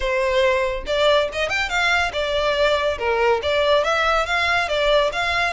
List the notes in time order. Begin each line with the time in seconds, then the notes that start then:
0.00 C5
0.86 D5
1.32 D#5
1.49 G5
1.69 F5
2.13 D5
2.98 A#4
3.42 D5
3.84 E5
4.26 F5
4.68 D5
5.12 F5